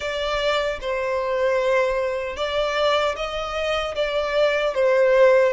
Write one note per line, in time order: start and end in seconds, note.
0.00 0.79 D5
0.80 2.36 C5
2.36 3.15 D5
3.16 3.95 D#5
3.95 4.74 D5
4.74 5.53 C5